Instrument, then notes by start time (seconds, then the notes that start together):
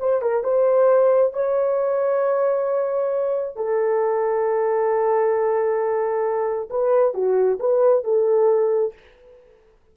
horn
0.00 C5
0.22 A#4
0.44 C5
1.34 C#5
3.56 A4
6.70 B4
7.14 F#4
7.60 B4
8.04 A4